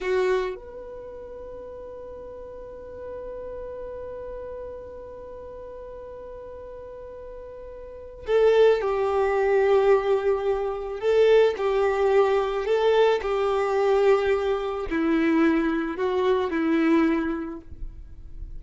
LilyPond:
\new Staff \with { instrumentName = "violin" } { \time 4/4 \tempo 4 = 109 fis'4 b'2.~ | b'1~ | b'1~ | b'2. a'4 |
g'1 | a'4 g'2 a'4 | g'2. e'4~ | e'4 fis'4 e'2 | }